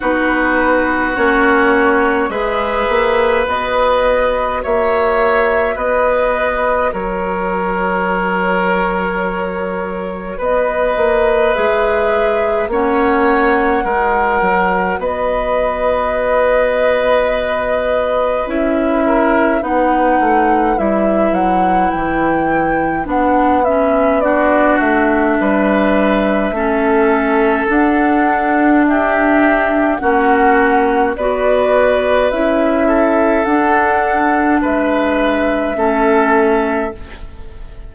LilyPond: <<
  \new Staff \with { instrumentName = "flute" } { \time 4/4 \tempo 4 = 52 b'4 cis''4 e''4 dis''4 | e''4 dis''4 cis''2~ | cis''4 dis''4 e''4 fis''4~ | fis''4 dis''2. |
e''4 fis''4 e''8 fis''8 g''4 | fis''8 e''8 d''8 e''2~ e''8 | fis''4 e''4 fis''4 d''4 | e''4 fis''4 e''2 | }
  \new Staff \with { instrumentName = "oboe" } { \time 4/4 fis'2 b'2 | cis''4 b'4 ais'2~ | ais'4 b'2 cis''4 | ais'4 b'2.~ |
b'8 ais'8 b'2.~ | b'4 fis'4 b'4 a'4~ | a'4 g'4 fis'4 b'4~ | b'8 a'4. b'4 a'4 | }
  \new Staff \with { instrumentName = "clarinet" } { \time 4/4 dis'4 cis'4 gis'4 fis'4~ | fis'1~ | fis'2 gis'4 cis'4 | fis'1 |
e'4 dis'4 e'2 | d'8 cis'8 d'2 cis'4 | d'2 cis'4 fis'4 | e'4 d'2 cis'4 | }
  \new Staff \with { instrumentName = "bassoon" } { \time 4/4 b4 ais4 gis8 ais8 b4 | ais4 b4 fis2~ | fis4 b8 ais8 gis4 ais4 | gis8 fis8 b2. |
cis'4 b8 a8 g8 fis8 e4 | b4. a8 g4 a4 | d'2 ais4 b4 | cis'4 d'4 gis4 a4 | }
>>